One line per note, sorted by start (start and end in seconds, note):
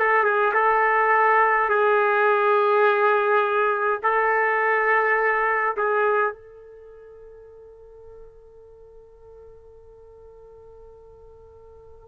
0.00 0.24 A4
0.24 0.53 G#4
0.54 1.69 A4
1.69 4.00 G#4
4.03 5.76 A4
5.77 6.33 G#4
6.33 12.08 A4